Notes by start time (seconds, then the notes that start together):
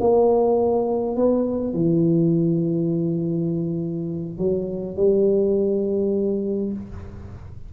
0.00 A#3
1.16 B3
1.74 E3
4.38 F#3
4.96 G3